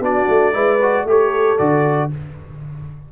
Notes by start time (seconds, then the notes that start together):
0.00 B3 D4 F#4 D5
0.28 A3
0.53 G#3 E4 B4
0.82 F#4
1.05 A3 G4 A4 C#5
1.58 D3 F#4 D5